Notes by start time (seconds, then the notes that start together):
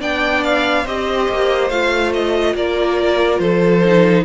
0.00 B3 D4 D5 G5
0.44 F5
0.83 C4 G4 C5 D#5
1.28 A#3
1.69 A3 F4 F5
2.13 D#5
2.55 A#3 A#4 D5
3.39 F3 A4 C5
3.84 D#4